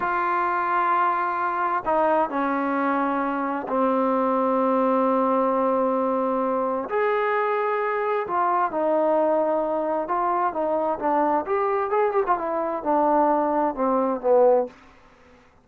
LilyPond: \new Staff \with { instrumentName = "trombone" } { \time 4/4 \tempo 4 = 131 f'1 | dis'4 cis'2. | c'1~ | c'2. gis'4~ |
gis'2 f'4 dis'4~ | dis'2 f'4 dis'4 | d'4 g'4 gis'8 g'16 f'16 e'4 | d'2 c'4 b4 | }